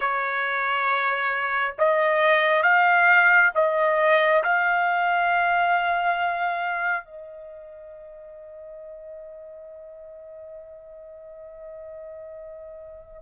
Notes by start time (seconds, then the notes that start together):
0.00 C#5
1.78 D#5
2.62 F5
3.55 D#5
4.43 F5
7.05 D#5